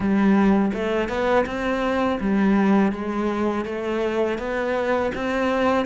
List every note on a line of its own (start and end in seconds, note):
0.00 0.72 G3
0.73 1.08 A3
1.08 1.45 B3
1.45 2.19 C4
2.20 2.92 G3
2.92 3.65 G#3
3.65 4.38 A3
4.38 5.11 B3
5.14 5.85 C4